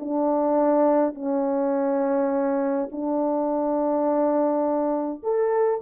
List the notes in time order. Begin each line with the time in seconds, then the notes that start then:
0.00 D4
1.15 C#4
2.92 D4
5.23 A4